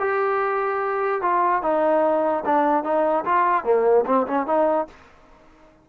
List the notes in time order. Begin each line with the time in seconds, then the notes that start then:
0.00 G4
1.22 F4
1.63 D#4
2.45 D4
2.84 D#4
3.25 F4
3.64 A#3
4.06 C4
4.27 C#4
4.47 D#4